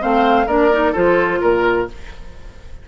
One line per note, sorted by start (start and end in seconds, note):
0.00 0.47 A3
0.00 0.47 C4
0.00 0.46 C5
0.00 0.48 F5
0.46 0.93 A#3
0.46 0.71 D4
0.46 0.92 A#4
0.46 0.94 D5
0.72 0.95 D#4
0.92 1.42 F3
0.92 1.88 F4
0.92 1.39 A4
0.92 1.41 C5
1.41 1.88 A#2
1.41 1.88 A#4